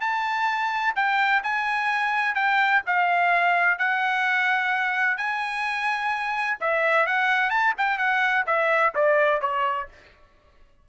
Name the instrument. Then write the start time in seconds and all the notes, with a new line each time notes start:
trumpet
0.00 A5
0.95 G5
1.43 G#5
2.34 G5
2.86 F5
3.78 F#5
5.17 G#5
6.60 E5
7.06 F#5
7.50 A5
7.77 G5
7.98 F#5
8.46 E5
8.95 D5
9.41 C#5